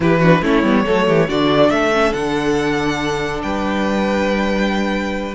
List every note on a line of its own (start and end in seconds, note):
0.00 0.41 E3
0.00 0.19 E4
0.00 0.19 G4
0.00 0.44 B4
0.19 0.42 D4
0.19 0.40 F#4
0.41 0.62 A3
0.41 0.63 C#4
0.41 0.83 E4
0.41 1.29 C#5
0.62 0.84 G3
0.62 0.85 B3
0.84 1.08 F#3
0.84 1.28 A3
0.84 1.06 A4
1.06 1.29 E3
1.06 1.27 G4
1.27 1.69 D3
1.27 1.92 D4
1.27 1.70 F#4
1.27 1.70 D5
1.69 2.12 A3
1.69 3.44 A4
1.69 2.12 E5
1.93 2.14 C#4
2.13 3.42 D3
2.13 5.34 D4
2.13 3.41 F#5
3.42 5.34 G3
3.42 5.34 B4
3.42 5.34 G5